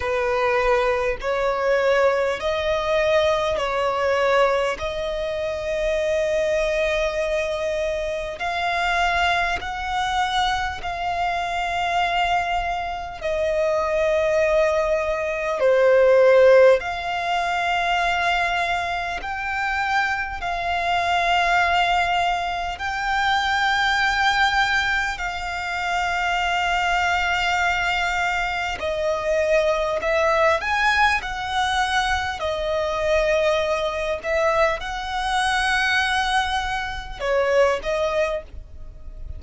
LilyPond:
\new Staff \with { instrumentName = "violin" } { \time 4/4 \tempo 4 = 50 b'4 cis''4 dis''4 cis''4 | dis''2. f''4 | fis''4 f''2 dis''4~ | dis''4 c''4 f''2 |
g''4 f''2 g''4~ | g''4 f''2. | dis''4 e''8 gis''8 fis''4 dis''4~ | dis''8 e''8 fis''2 cis''8 dis''8 | }